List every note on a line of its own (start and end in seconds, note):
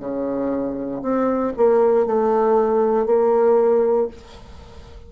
0.00 1.02 C#3
1.02 1.53 C4
1.57 2.07 A#3
2.07 3.06 A3
3.06 4.08 A#3